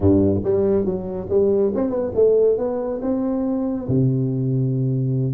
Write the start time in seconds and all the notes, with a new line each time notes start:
0.00 G2
0.44 G3
0.85 F#3
1.29 G3
1.74 C4
1.90 B3
2.14 A3
2.57 B3
3.01 C4
3.88 C3